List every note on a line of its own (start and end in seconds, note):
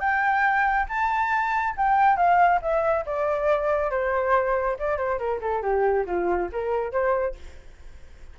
0.00 0.86 G5
0.89 1.75 A5
1.77 2.17 G5
2.17 2.60 F5
2.62 3.05 E5
3.06 3.91 D5
3.91 4.77 C5
4.79 4.98 D5
4.98 5.19 C5
5.19 5.41 A#4
5.42 5.62 A4
5.62 6.05 G4
6.06 6.49 F4
6.53 6.92 A#4
6.92 7.35 C5